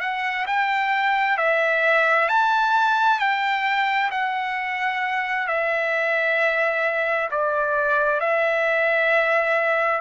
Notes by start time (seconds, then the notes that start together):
0.00 F#5
0.46 G5
1.37 E5
2.28 A5
3.19 G5
4.11 F#5
5.47 E5
7.31 D5
8.20 E5